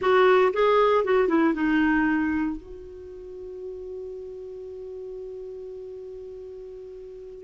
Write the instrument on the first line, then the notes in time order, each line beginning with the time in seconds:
clarinet
0.01 F#4
0.53 G#4
1.04 F#4
1.28 E4
1.54 D#4
2.56 F#4